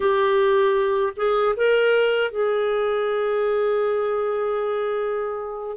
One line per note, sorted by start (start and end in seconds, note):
0.00 1.13 G4
1.16 1.55 G#4
1.56 2.31 A#4
2.31 5.77 G#4